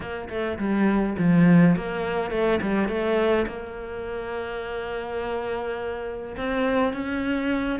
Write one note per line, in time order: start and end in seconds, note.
0.00 0.28 A#3
0.29 0.57 A3
0.58 1.16 G3
1.18 1.76 F3
1.76 2.30 A#3
2.30 2.59 A3
2.61 2.88 G3
2.88 3.46 A3
3.47 6.35 A#3
6.36 6.93 C4
6.93 7.79 C#4